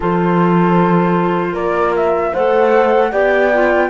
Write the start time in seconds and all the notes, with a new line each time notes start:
0.00 F3 F4 A4 C5
1.52 A#3 A#4 D5
1.96 E5
2.33 A3 A4 C5 F#5
3.11 B3 G4 D5 G5
3.53 F4